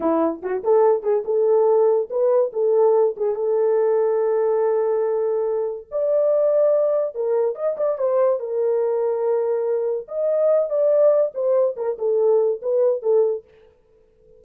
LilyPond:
\new Staff \with { instrumentName = "horn" } { \time 4/4 \tempo 4 = 143 e'4 fis'8 a'4 gis'8 a'4~ | a'4 b'4 a'4. gis'8 | a'1~ | a'2 d''2~ |
d''4 ais'4 dis''8 d''8 c''4 | ais'1 | dis''4. d''4. c''4 | ais'8 a'4. b'4 a'4 | }